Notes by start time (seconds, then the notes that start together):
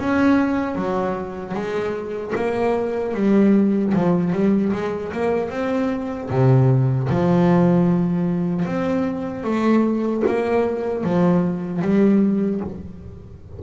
0.00 C#4
0.76 F#3
1.55 G#3
2.36 A#3
3.15 G3
3.94 F3
4.33 G3
4.73 G#3
5.13 A#3
5.50 C4
6.30 C3
7.09 F3
8.66 C4
9.44 A3
10.27 A#3
11.04 F3
11.82 G3